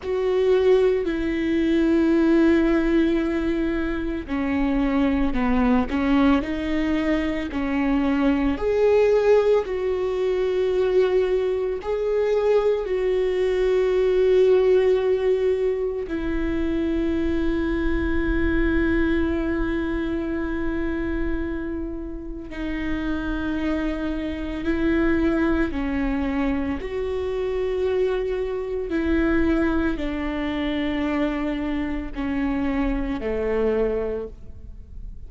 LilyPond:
\new Staff \with { instrumentName = "viola" } { \time 4/4 \tempo 4 = 56 fis'4 e'2. | cis'4 b8 cis'8 dis'4 cis'4 | gis'4 fis'2 gis'4 | fis'2. e'4~ |
e'1~ | e'4 dis'2 e'4 | cis'4 fis'2 e'4 | d'2 cis'4 a4 | }